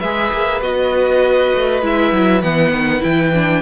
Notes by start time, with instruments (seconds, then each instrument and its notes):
0.00 cello G#3, viola G#4, violin B4 E5
0.33 cello A#3
0.62 cello B3, viola F#4, violin D#5
1.54 cello A3
1.82 cello G#3, viola E4, violin E5
2.13 cello F#3
2.42 cello E3, viola B3, violin F#5
2.72 cello D#3
3.00 cello E3, viola E4, violin G5
3.34 viola D4